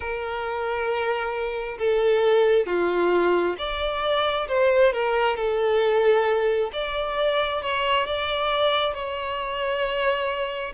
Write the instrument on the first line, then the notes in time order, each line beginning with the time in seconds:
violin
0.00 A#4
1.78 A4
2.66 F4
3.58 D5
4.48 C5
4.93 A#4
5.36 A4
6.72 D5
7.62 C#5
8.06 D5
8.93 C#5